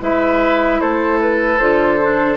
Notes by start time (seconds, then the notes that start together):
0.00 G#3 E4 B4 E5
0.80 A3 A4 C5
1.21 B4
1.58 D3 F4 C5
2.01 D4